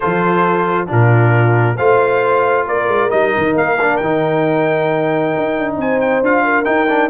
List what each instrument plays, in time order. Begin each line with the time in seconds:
0.00 tuba F3, trombone F4, horn A4, trumpet C5
0.87 tuba A#2, trombone D4, horn F4, trumpet A#4
1.76 tuba A3, trombone F4, horn C5, trumpet F5
2.65 tuba A#3, horn A#4, trumpet D5
2.87 tuba G#3
3.10 tuba G3, trombone D#4, trumpet D#5
3.37 tuba D#3
3.55 tuba A#3, trumpet F5
3.81 trombone D4
3.96 tuba D#3, trumpet G5
4.03 trombone D#4
5.37 tuba D#4
5.58 tuba D4
5.77 tuba C4, horn C5, trumpet G#5
6.00 trumpet G5
6.21 tuba D4, trombone F4, trumpet F5
6.44 horn A#4
6.64 trombone D#4, tuba D#4, trumpet G5
6.88 trombone D4